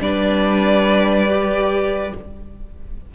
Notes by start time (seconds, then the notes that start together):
0.00 G3 D4 B4 D5
1.29 G4